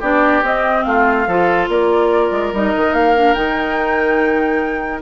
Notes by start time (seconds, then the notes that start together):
0.00 B3 D4 G4 D5
0.42 C4 D#5
0.83 A3 F4 F5
1.26 F3 F4 A4
1.68 A#3 A#4 D5
2.31 G#3
2.53 G3 D#4 D#5
2.75 D#3
2.93 A#3 F5
3.15 D4
3.34 D#3 D#4 G5